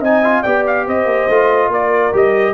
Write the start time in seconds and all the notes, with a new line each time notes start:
0.00 C4 D#4 D#5 G#5
0.23 F4
0.42 B3 G4 D5 G5
0.66 F5
0.85 C4 C5 D#5
1.05 A#3
1.28 A3 F4
1.69 A#3 A#4 D5
2.12 G3 G4 D#5